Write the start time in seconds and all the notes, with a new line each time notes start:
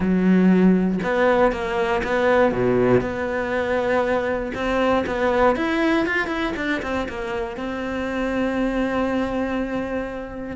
0.00 F#3
1.03 B3
1.51 A#3
2.03 B3
2.52 B2
3.00 B3
4.54 C4
5.06 B3
5.56 E4
6.06 F4
6.27 E4
6.56 D4
6.82 C4
7.08 A#3
7.56 C4